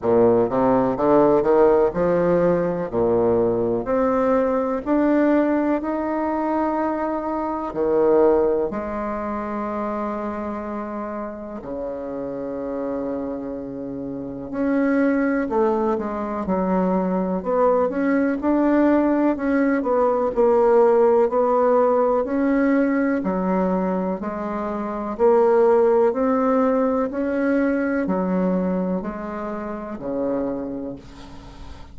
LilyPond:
\new Staff \with { instrumentName = "bassoon" } { \time 4/4 \tempo 4 = 62 ais,8 c8 d8 dis8 f4 ais,4 | c'4 d'4 dis'2 | dis4 gis2. | cis2. cis'4 |
a8 gis8 fis4 b8 cis'8 d'4 | cis'8 b8 ais4 b4 cis'4 | fis4 gis4 ais4 c'4 | cis'4 fis4 gis4 cis4 | }